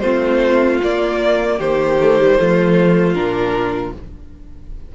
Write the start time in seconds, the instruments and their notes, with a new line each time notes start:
0.00 cello A3, viola C4, violin F4 C5
0.83 cello A#3, viola A#3, violin D5
1.58 cello D#3, violin G4 C5
2.00 viola A3
2.20 viola G3
2.39 cello F3, viola A3, violin F4
3.14 cello A#2, viola D4, violin A#4